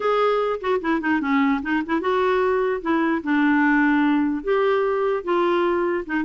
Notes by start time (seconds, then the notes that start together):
0.00 G#4
0.60 F#4
0.81 E4
1.00 D#4
1.21 C#4
1.62 D#4
1.86 E4
2.01 F#4
2.81 E4
3.23 D4
4.43 G4
5.24 F4
6.05 D#4